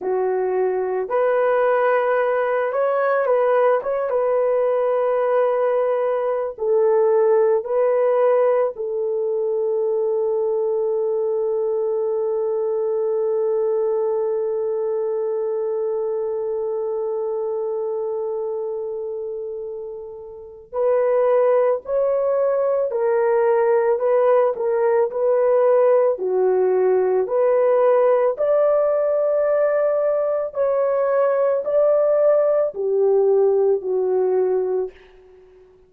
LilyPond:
\new Staff \with { instrumentName = "horn" } { \time 4/4 \tempo 4 = 55 fis'4 b'4. cis''8 b'8 cis''16 b'16~ | b'2 a'4 b'4 | a'1~ | a'1~ |
a'2. b'4 | cis''4 ais'4 b'8 ais'8 b'4 | fis'4 b'4 d''2 | cis''4 d''4 g'4 fis'4 | }